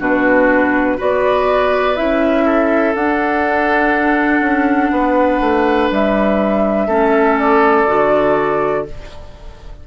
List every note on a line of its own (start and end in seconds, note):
0.00 0.99 B2
0.00 0.98 D4
0.00 0.98 F#4
0.00 1.00 B4
0.98 1.99 B3
0.98 1.96 F#4
0.98 2.45 B4
0.98 1.97 D5
1.96 2.95 C#4
1.96 2.95 E4
1.96 2.95 E5
2.46 4.92 A4
2.95 4.41 D4
2.95 6.90 D4
2.95 5.91 F#5
4.41 4.90 C#4
4.92 5.41 B3
4.92 6.88 B4
5.41 5.90 A3
5.91 6.88 G3
5.91 7.39 E5
6.88 7.86 A3
6.88 7.87 C#4
6.88 8.84 A4
7.39 8.87 D5
7.87 8.88 D3
7.87 8.86 F#4